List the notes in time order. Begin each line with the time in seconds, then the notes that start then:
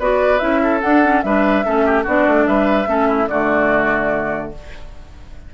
0.00 B3 F#4 B4 D5
0.39 C#4 E4 E5
0.63 A4
0.81 D4 F#5
1.03 C#4
1.23 G3 D4 B4 E5
1.65 A3 C#4 A4
1.86 G4
2.04 B3 D4 F#4 D5
2.27 A3
2.47 G3 B4 E5
2.87 A3 C#4 A4
3.08 E4
3.28 D3 A3 F#4 D5